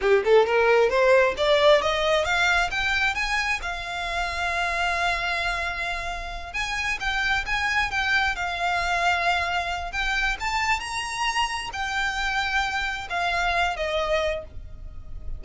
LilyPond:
\new Staff \with { instrumentName = "violin" } { \time 4/4 \tempo 4 = 133 g'8 a'8 ais'4 c''4 d''4 | dis''4 f''4 g''4 gis''4 | f''1~ | f''2~ f''8 gis''4 g''8~ |
g''8 gis''4 g''4 f''4.~ | f''2 g''4 a''4 | ais''2 g''2~ | g''4 f''4. dis''4. | }